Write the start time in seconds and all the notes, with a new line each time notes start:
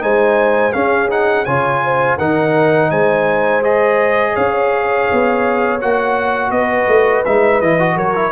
0.00 G#3 D#4 C5 G#5
0.73 C#4 G#4 F5
1.10 D#4 F#5
1.45 C#3 F4 C#5 G#5
1.84 C5
2.17 D#3 D#4 A#4 F#5
2.91 G#3 C5 G#5
3.63 G#4 D#5
4.34 C#4 C#5 F5
5.12 B3
5.81 A#3 F#4 F#5
6.51 B3 B4 D#5
6.88 A3
7.26 G#3 D#4 E5
7.61 E3 E4 D#5
7.79 F#4
7.96 F#3 A#4 C#5
8.16 E4